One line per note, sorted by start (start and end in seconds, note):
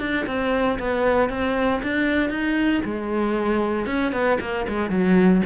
0.00 0.26 D4
0.27 0.79 C4
0.79 1.30 B3
1.30 1.82 C4
1.83 2.30 D4
2.30 2.82 D#4
2.85 3.87 G#3
3.87 4.12 C#4
4.13 4.38 B3
4.41 4.66 A#3
4.68 4.90 G#3
4.90 5.42 F#3